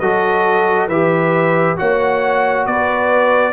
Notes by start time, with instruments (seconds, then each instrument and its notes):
0.00 tuba F#3, trombone F#4, horn A4, trumpet D#5
0.88 tuba E3, trombone G4, horn B4, trumpet E5
1.77 tuba A#3, trombone F#4, horn C#5, trumpet F#5
2.66 tuba B3, horn B4, trumpet D5